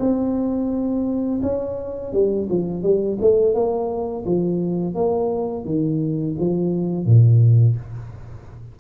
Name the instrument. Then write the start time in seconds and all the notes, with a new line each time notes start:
tuba
0.00 C4
1.43 C#4
2.13 G3
2.50 F3
2.83 G3
3.21 A3
3.55 A#3
4.26 F3
4.95 A#3
5.65 D#3
6.40 F3
7.06 A#2